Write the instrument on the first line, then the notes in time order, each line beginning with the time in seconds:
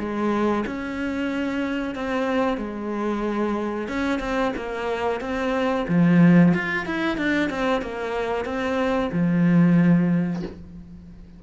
cello
0.00 G#3
0.67 C#4
1.95 C4
2.58 G#3
3.89 C#4
4.20 C4
4.57 A#3
5.21 C4
5.89 F3
6.55 F4
6.86 E4
7.18 D4
7.50 C4
7.82 A#3
8.45 C4
9.13 F3